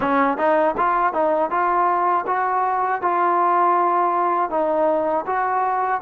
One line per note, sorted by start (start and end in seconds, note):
0.00 0.37 C#4
0.37 0.75 D#4
0.77 1.13 F4
1.13 1.50 D#4
1.50 2.25 F4
2.26 3.01 F#4
3.01 4.50 F4
4.50 5.25 D#4
5.26 6.01 F#4